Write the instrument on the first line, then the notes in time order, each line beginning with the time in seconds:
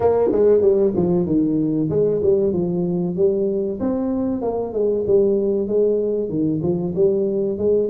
tuba
0.00 A#3
0.32 G#3
0.61 G3
0.96 F3
1.26 D#3
1.89 G#3
2.22 G3
2.52 F3
3.16 G3
3.80 C4
4.41 A#3
4.73 G#3
5.07 G3
5.67 G#3
6.29 D#3
6.62 F3
6.95 G3
7.58 G#3